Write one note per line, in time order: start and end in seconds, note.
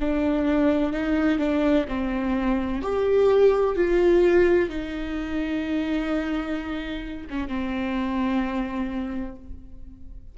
0.00 0.93 D4
0.93 1.39 D#4
1.39 1.86 D4
1.88 2.82 C4
2.83 3.76 G4
3.76 4.70 F4
4.70 7.27 D#4
7.30 7.48 C#4
7.48 9.36 C4